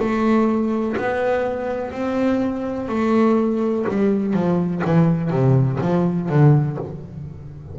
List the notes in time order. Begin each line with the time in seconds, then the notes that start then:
0.00 A3
0.97 B3
1.92 C4
2.89 A3
3.89 G3
4.34 F3
4.85 E3
5.31 C3
5.81 F3
6.29 D3